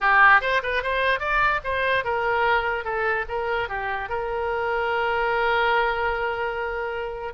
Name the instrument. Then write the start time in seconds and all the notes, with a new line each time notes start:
oboe
0.00 G4
0.41 C5
0.63 B4
0.83 C5
1.19 D5
1.64 C5
2.04 A#4
2.84 A4
3.28 A#4
3.68 G4
4.09 A#4